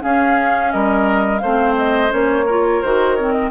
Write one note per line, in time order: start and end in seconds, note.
0.00 1.40 C#4
0.00 0.74 C#4
0.00 0.72 G#4
0.00 0.72 F5
0.72 1.42 G3
0.72 1.41 A#4
0.72 1.38 D#5
1.38 2.12 A3
1.38 2.45 C5
1.38 1.73 F5
1.44 2.09 C4
1.77 2.12 D#5
2.09 2.83 A#3
2.09 2.44 C#4
2.09 2.81 C#5
2.45 2.84 F4
2.45 3.50 A#4
2.81 3.51 D#3
2.81 3.18 F#4
2.81 3.15 C5
3.15 3.51 C4
3.15 3.32 C#5
3.32 3.49 D#5